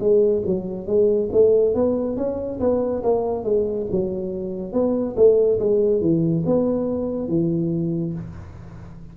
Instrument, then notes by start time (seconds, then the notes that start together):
tuba
0.00 G#3
0.47 F#3
0.87 G#3
1.32 A3
1.75 B3
2.17 C#4
2.60 B3
3.03 A#3
3.44 G#3
3.92 F#3
4.73 B3
5.17 A3
5.59 G#3
6.02 E3
6.46 B3
7.29 E3